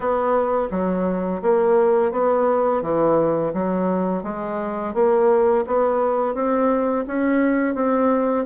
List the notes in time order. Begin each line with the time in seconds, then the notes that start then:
0.00 B3
0.71 F#3
1.42 A#3
2.11 B3
2.82 E3
3.53 F#3
4.23 G#3
4.94 A#3
5.67 B3
6.34 C4
7.07 C#4
7.74 C4